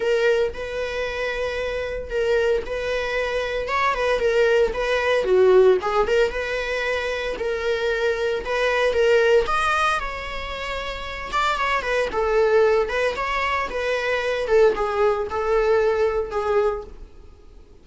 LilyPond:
\new Staff \with { instrumentName = "viola" } { \time 4/4 \tempo 4 = 114 ais'4 b'2. | ais'4 b'2 cis''8 b'8 | ais'4 b'4 fis'4 gis'8 ais'8 | b'2 ais'2 |
b'4 ais'4 dis''4 cis''4~ | cis''4. d''8 cis''8 b'8 a'4~ | a'8 b'8 cis''4 b'4. a'8 | gis'4 a'2 gis'4 | }